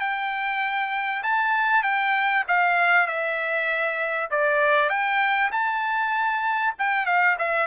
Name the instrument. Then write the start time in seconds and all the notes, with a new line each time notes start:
trumpet
0.00 G5
1.23 A5
1.83 G5
2.48 F5
3.07 E5
4.31 D5
4.89 G5
5.52 A5
6.78 G5
7.06 F5
7.39 E5